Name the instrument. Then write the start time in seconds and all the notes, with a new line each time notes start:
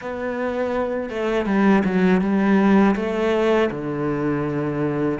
cello
0.01 B3
1.09 A3
1.45 G3
1.84 F#3
2.21 G3
2.95 A3
3.70 D3